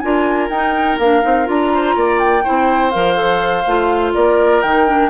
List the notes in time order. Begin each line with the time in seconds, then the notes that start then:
0.00 D4 F4 A#4 G#5
0.49 D#4 G5
0.99 A#3 D4 F5
1.22 C4 D#4
1.45 D4 F4 A#5
1.74 C5
1.95 A#3 D5
2.19 G5
2.44 C4 E4 C5
2.90 F3 A#4 F5
3.15 A4
3.66 A3 F4
4.14 A#3 A#4 D5
4.62 D#3 D#4 G5
4.86 D4